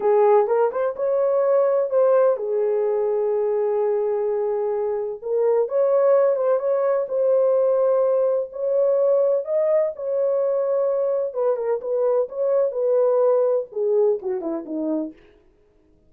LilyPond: \new Staff \with { instrumentName = "horn" } { \time 4/4 \tempo 4 = 127 gis'4 ais'8 c''8 cis''2 | c''4 gis'2.~ | gis'2. ais'4 | cis''4. c''8 cis''4 c''4~ |
c''2 cis''2 | dis''4 cis''2. | b'8 ais'8 b'4 cis''4 b'4~ | b'4 gis'4 fis'8 e'8 dis'4 | }